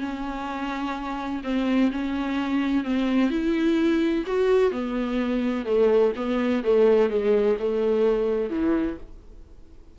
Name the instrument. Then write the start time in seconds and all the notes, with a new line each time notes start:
viola
0.00 C#4
1.43 C4
1.92 C#4
2.84 C4
3.30 E4
4.26 F#4
4.71 B3
5.65 A3
6.16 B3
6.64 A3
7.09 G#3
7.59 A3
8.50 E3